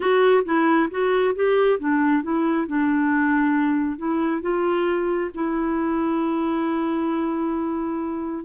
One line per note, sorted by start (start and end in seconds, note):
0.00 0.43 F#4
0.44 0.89 E4
0.90 1.34 F#4
1.35 1.79 G4
1.79 2.22 D4
2.22 2.67 E4
2.67 3.98 D4
3.98 4.41 E4
4.41 5.30 F4
5.34 8.44 E4